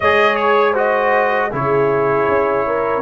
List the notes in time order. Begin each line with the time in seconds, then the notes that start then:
0.00 G#3 G#4 C#5 D#5
0.36 C#5
0.71 F#4 C5 D#5
1.51 C#3 E4 G#4 C#5
2.27 C#4
2.66 A#4